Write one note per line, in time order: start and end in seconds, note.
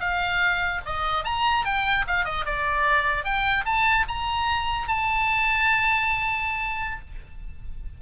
0.00 0.81 F5
0.86 1.24 D#5
1.24 1.65 A#5
1.65 2.05 G5
2.07 2.25 F5
2.25 2.45 D#5
2.45 3.24 D5
3.24 3.65 G5
3.65 4.05 A5
4.08 4.88 A#5
4.88 7.00 A5